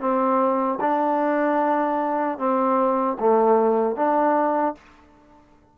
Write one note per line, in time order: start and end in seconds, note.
0.00 0.79 C4
0.80 2.38 D4
2.38 3.17 C4
3.20 3.96 A3
3.96 4.75 D4